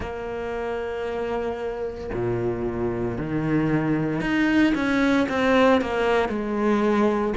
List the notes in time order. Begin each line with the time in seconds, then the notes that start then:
0.00 A#3
2.13 A#2
3.18 D#3
4.21 D#4
4.74 C#4
5.28 C4
5.81 A#3
6.29 G#3